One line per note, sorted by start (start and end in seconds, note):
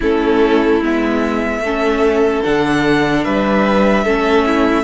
0.00 0.81 A3
0.00 0.82 C#4
0.00 1.61 E4
0.00 0.83 A4
0.81 1.59 G#3
0.81 1.63 B3
0.81 2.43 E5
1.59 2.40 A3
1.59 3.24 A4
1.65 2.43 C#4
2.43 3.25 D3
2.43 4.05 D4
2.43 3.24 F#5
3.24 4.05 G3
3.24 4.04 B4
3.24 4.84 E5
4.04 4.84 A3
4.04 4.84 C#4
4.04 4.45 A4
4.45 4.84 E4